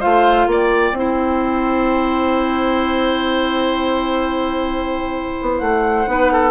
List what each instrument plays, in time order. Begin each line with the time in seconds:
0.00 bassoon A3, clarinet F4, oboe C5, flute F5
0.47 bassoon A#3, oboe D5, flute G5
0.92 bassoon C4, clarinet E4
0.99 oboe C5
5.42 bassoon B3
5.58 bassoon A3, flute F#5
6.07 bassoon B3, clarinet D#4, oboe B4
6.32 oboe A4